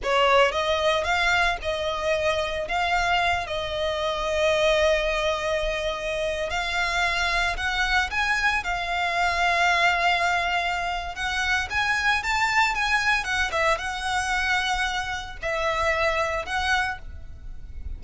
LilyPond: \new Staff \with { instrumentName = "violin" } { \time 4/4 \tempo 4 = 113 cis''4 dis''4 f''4 dis''4~ | dis''4 f''4. dis''4.~ | dis''1~ | dis''16 f''2 fis''4 gis''8.~ |
gis''16 f''2.~ f''8.~ | f''4 fis''4 gis''4 a''4 | gis''4 fis''8 e''8 fis''2~ | fis''4 e''2 fis''4 | }